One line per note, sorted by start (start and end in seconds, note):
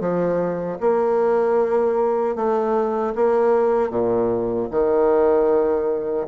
0.00 0.78 F3
0.80 2.36 A#3
2.36 3.13 A3
3.15 3.90 A#3
3.90 4.68 A#2
4.71 6.27 D#3